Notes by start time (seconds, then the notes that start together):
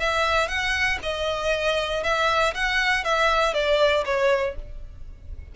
0.00 E5
0.49 F#5
1.03 D#5
2.04 E5
2.55 F#5
3.05 E5
3.54 D5
4.05 C#5